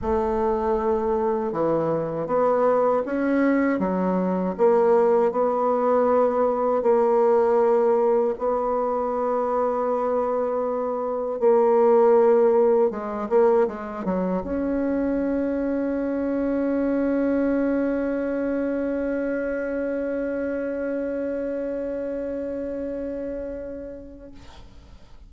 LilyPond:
\new Staff \with { instrumentName = "bassoon" } { \time 4/4 \tempo 4 = 79 a2 e4 b4 | cis'4 fis4 ais4 b4~ | b4 ais2 b4~ | b2. ais4~ |
ais4 gis8 ais8 gis8 fis8 cis'4~ | cis'1~ | cis'1~ | cis'1 | }